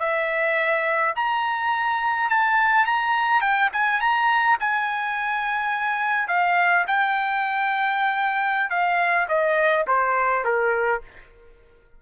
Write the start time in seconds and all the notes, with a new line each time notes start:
0.00 E5
1.16 A#5
2.30 A5
2.86 A#5
3.42 G5
3.73 G#5
4.01 A#5
4.60 G#5
6.28 F5
6.88 G5
8.70 F5
9.29 D#5
9.88 C5
10.45 A#4